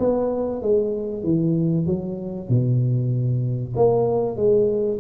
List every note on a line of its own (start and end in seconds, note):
0.00 0.62 B3
0.62 1.24 G#3
1.24 1.87 E3
1.87 2.49 F#3
2.49 3.74 B2
3.76 4.37 A#3
4.37 4.99 G#3